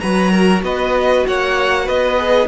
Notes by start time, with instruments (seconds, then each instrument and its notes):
0.00 cello F#3, viola F#4, violin B4 A#5
0.33 violin A#4
0.62 cello B3, violin B4 D#5
1.27 cello A#3, violin C#5 F#5
1.85 cello B3, violin B4 D#5
2.18 viola G#4